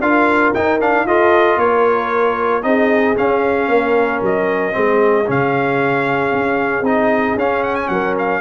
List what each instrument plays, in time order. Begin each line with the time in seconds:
0.00 tuba D4, trombone F4, horn A#4, trumpet F5
0.54 tuba D#4, trombone D#4, trumpet G5
0.81 trombone D4, trumpet F5
1.05 tuba F4, trombone F4, horn A4, trumpet D#5
1.57 tuba A#3, horn A#4, trumpet C#5
2.63 tuba C4, trombone D#4, horn G#4, trumpet D#5
3.17 trombone C#4, tuba C#4, trumpet F5
3.69 tuba A#3, horn A#4
4.22 tuba F#3, trumpet D#5
4.73 tuba G#3, trombone C4, horn G#4
5.26 tuba C#3, trombone C#4, trumpet F5
6.32 tuba C#4
6.82 tuba C4, trombone D#4, trumpet D#5
7.36 tuba C#4, trombone C#4, trumpet F5
7.63 trumpet F#5
7.76 trumpet G#5
7.88 tuba F#3, horn A#4, trumpet F#5
8.19 trumpet F5